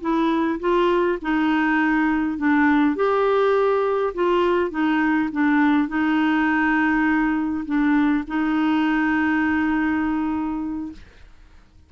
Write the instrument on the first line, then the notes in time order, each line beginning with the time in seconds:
clarinet
0.00 E4
0.59 F4
1.21 D#4
2.37 D4
2.95 G4
4.14 F4
4.70 D#4
5.32 D4
5.88 D#4
7.65 D4
8.27 D#4